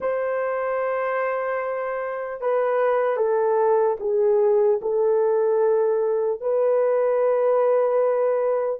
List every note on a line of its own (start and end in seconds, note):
0.00 2.40 C5
2.40 3.16 B4
3.16 3.96 A4
4.00 4.80 G#4
4.81 6.40 A4
6.40 8.80 B4